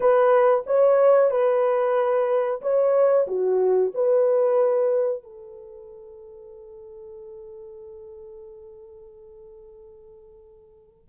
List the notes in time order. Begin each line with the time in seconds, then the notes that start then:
0.00 B4
0.66 C#5
1.30 B4
2.61 C#5
3.27 F#4
3.94 B4
5.22 A4